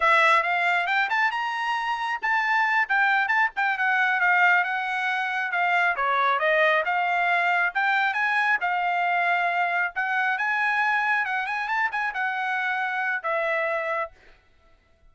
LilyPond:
\new Staff \with { instrumentName = "trumpet" } { \time 4/4 \tempo 4 = 136 e''4 f''4 g''8 a''8 ais''4~ | ais''4 a''4. g''4 a''8 | g''8 fis''4 f''4 fis''4.~ | fis''8 f''4 cis''4 dis''4 f''8~ |
f''4. g''4 gis''4 f''8~ | f''2~ f''8 fis''4 gis''8~ | gis''4. fis''8 gis''8 a''8 gis''8 fis''8~ | fis''2 e''2 | }